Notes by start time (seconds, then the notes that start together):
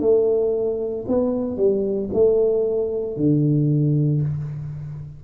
0.00 A3
1.08 B3
1.57 G3
2.13 A3
3.17 D3